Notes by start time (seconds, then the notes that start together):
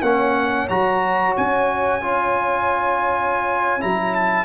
0.00 A#3 C#4 C#5 F#5
0.69 F#3 F#4 A#5
1.37 C#4 G#5
2.02 F4
3.80 F#3 E4 A#5
4.15 A5